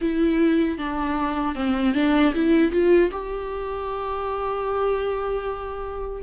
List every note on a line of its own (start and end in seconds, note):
0.01 0.78 E4
0.78 1.55 D4
1.55 1.94 C4
1.94 2.33 D4
2.34 2.71 E4
2.71 3.10 F4
3.11 6.22 G4